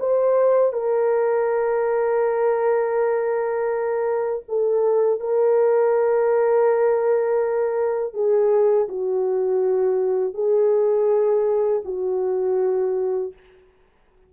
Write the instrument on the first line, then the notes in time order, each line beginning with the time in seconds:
horn
0.00 C5
0.73 A#4
4.48 A4
5.20 A#4
8.14 G#4
8.89 F#4
10.34 G#4
11.85 F#4